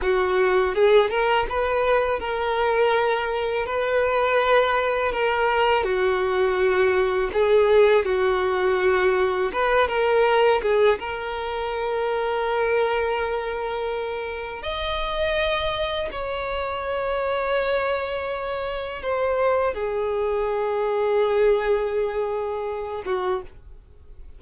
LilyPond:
\new Staff \with { instrumentName = "violin" } { \time 4/4 \tempo 4 = 82 fis'4 gis'8 ais'8 b'4 ais'4~ | ais'4 b'2 ais'4 | fis'2 gis'4 fis'4~ | fis'4 b'8 ais'4 gis'8 ais'4~ |
ais'1 | dis''2 cis''2~ | cis''2 c''4 gis'4~ | gis'2.~ gis'8 fis'8 | }